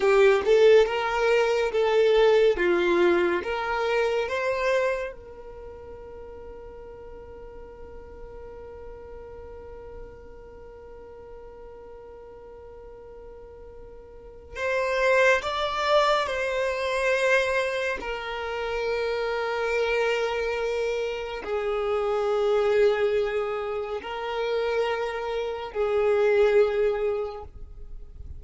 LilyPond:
\new Staff \with { instrumentName = "violin" } { \time 4/4 \tempo 4 = 70 g'8 a'8 ais'4 a'4 f'4 | ais'4 c''4 ais'2~ | ais'1~ | ais'1~ |
ais'4 c''4 d''4 c''4~ | c''4 ais'2.~ | ais'4 gis'2. | ais'2 gis'2 | }